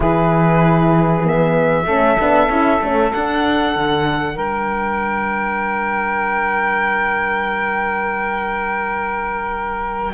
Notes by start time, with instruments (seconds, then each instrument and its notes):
0.00 cello E3, horn E4, saxophone G#4, violin B4
1.24 horn B3, violin E5
1.85 cello A3, horn C#4, saxophone A4
2.19 cello B3, horn D4
2.49 cello C#4, horn E4
2.81 cello A3, horn C#4
3.12 horn D4, cello D4, violin F#5
3.75 cello D3
4.35 cello G3, saxophone A#4, violin G5